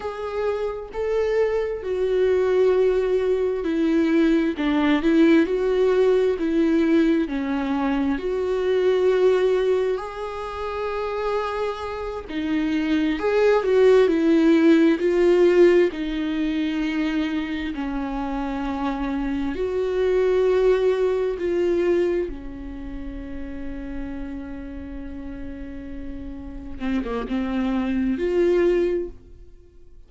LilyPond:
\new Staff \with { instrumentName = "viola" } { \time 4/4 \tempo 4 = 66 gis'4 a'4 fis'2 | e'4 d'8 e'8 fis'4 e'4 | cis'4 fis'2 gis'4~ | gis'4. dis'4 gis'8 fis'8 e'8~ |
e'8 f'4 dis'2 cis'8~ | cis'4. fis'2 f'8~ | f'8 cis'2.~ cis'8~ | cis'4. c'16 ais16 c'4 f'4 | }